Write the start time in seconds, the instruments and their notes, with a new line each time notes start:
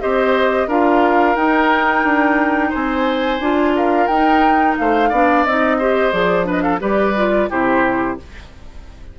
0.00 bassoon C4, clarinet G4, oboe C5, flute D#5
0.67 bassoon D4, clarinet F4, oboe A#4, flute F5
1.35 bassoon D#4, clarinet D#4, flute G5
2.03 bassoon D4
2.69 bassoon C4, oboe C5, flute G#5
3.39 bassoon D4, clarinet F4
3.75 oboe A#4, flute F5
4.07 bassoon D#4, clarinet D#4, flute G5
4.77 bassoon A3, oboe C5, flute F5
5.09 bassoon B3, clarinet D4, oboe D5
5.44 bassoon C4, clarinet D#4, flute D#5
5.78 clarinet G4, oboe C5
6.12 bassoon F3, clarinet G#4, flute D5
6.44 clarinet D4, oboe B4, flute D#5
6.61 oboe A4, flute F5
6.79 bassoon G3, clarinet G4, oboe B4, flute D5
7.16 clarinet F4
7.49 bassoon C3, clarinet E4, oboe G4, flute C5